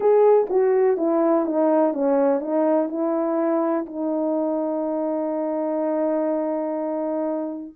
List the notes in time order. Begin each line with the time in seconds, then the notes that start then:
0.00 G#4
0.49 F#4
0.97 E4
1.45 D#4
1.93 C#4
2.40 D#4
2.88 E4
3.86 D#4